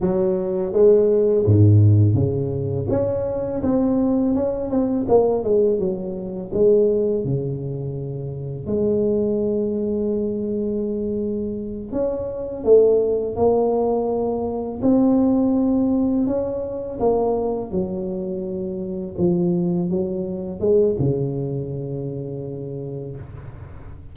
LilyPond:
\new Staff \with { instrumentName = "tuba" } { \time 4/4 \tempo 4 = 83 fis4 gis4 gis,4 cis4 | cis'4 c'4 cis'8 c'8 ais8 gis8 | fis4 gis4 cis2 | gis1~ |
gis8 cis'4 a4 ais4.~ | ais8 c'2 cis'4 ais8~ | ais8 fis2 f4 fis8~ | fis8 gis8 cis2. | }